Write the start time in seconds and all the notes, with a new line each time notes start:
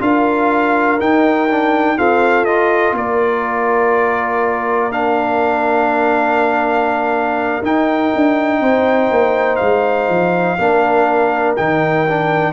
0.00 D4 F4 A#4 F5
0.99 D#4 G5
1.49 D4
1.97 C4 F4 A4 F5
2.45 F4 D#5
2.92 A#3 A#4 D5
4.92 D4 F5
7.62 D#4 G5
8.15 D4
8.60 C4 C5
9.11 A#3
9.56 G#3 F5
10.08 F3
10.59 A#3 D4 A#4
11.57 D#3 D#4 G5
12.09 D4